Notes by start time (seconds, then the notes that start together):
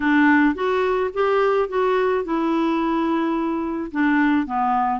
0.00 D4
0.55 F#4
1.13 G4
1.68 F#4
2.24 E4
3.91 D4
4.46 B3